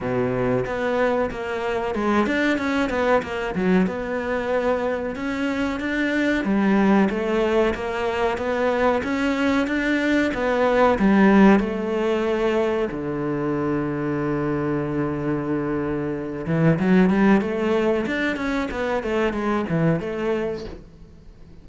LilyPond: \new Staff \with { instrumentName = "cello" } { \time 4/4 \tempo 4 = 93 b,4 b4 ais4 gis8 d'8 | cis'8 b8 ais8 fis8 b2 | cis'4 d'4 g4 a4 | ais4 b4 cis'4 d'4 |
b4 g4 a2 | d1~ | d4. e8 fis8 g8 a4 | d'8 cis'8 b8 a8 gis8 e8 a4 | }